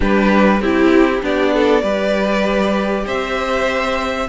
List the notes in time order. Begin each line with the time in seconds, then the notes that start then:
0.00 G3 D4 G4 B4
0.60 C4 E4 G4
1.22 B3 D4 G4 D5
1.54 A4
1.82 G3 G4 B4
3.05 C4 C5 E5